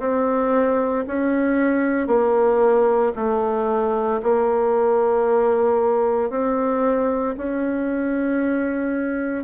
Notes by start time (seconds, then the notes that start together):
0.00 C4
1.08 C#4
2.08 A#3
3.16 A3
4.23 A#3
6.31 C4
7.38 C#4